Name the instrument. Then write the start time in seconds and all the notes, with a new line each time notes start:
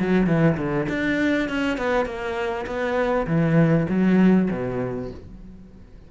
cello
0.00 F#3
0.27 E3
0.58 D3
0.89 D4
1.49 C#4
1.78 B3
2.06 A#3
2.67 B3
3.27 E3
3.90 F#3
4.51 B2